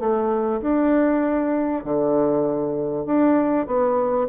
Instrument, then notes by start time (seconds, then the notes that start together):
bassoon
0.00 A3
0.62 D4
1.85 D3
3.06 D4
3.67 B3